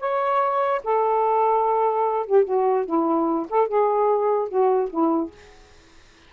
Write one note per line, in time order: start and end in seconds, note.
0.00 0.81 C#5
0.84 2.26 A4
2.26 2.45 G4
2.45 2.86 F#4
2.86 3.47 E4
3.49 3.68 A4
3.68 4.49 G#4
4.49 4.89 F#4
4.90 5.31 E4